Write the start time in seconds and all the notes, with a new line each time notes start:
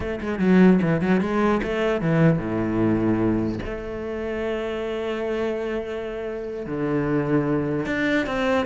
0.00 A3
0.20 G#3
0.39 F#3
0.82 E3
1.01 F#3
1.21 G#3
1.62 A3
2.01 E3
2.38 A2
3.65 A3
6.66 D3
7.86 D4
8.26 C4